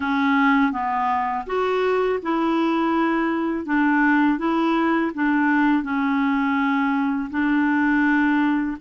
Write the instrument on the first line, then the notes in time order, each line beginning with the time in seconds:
clarinet
0.00 C#4
0.72 B3
1.46 F#4
2.22 E4
3.66 D4
4.38 E4
5.14 D4
5.83 C#4
7.30 D4